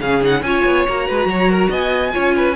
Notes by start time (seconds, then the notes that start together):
0.00 C#3 C#4 G#4 F5
0.20 D#4 F#5
0.41 C#4 F4 C#5 G#5
0.65 B3
0.88 A#3 F#4 A#5
1.07 G#3 B4
1.26 F#3 C#5
1.51 A#4
1.70 B3 D#5 G#5
2.12 C#4 F4 C#5
2.36 B4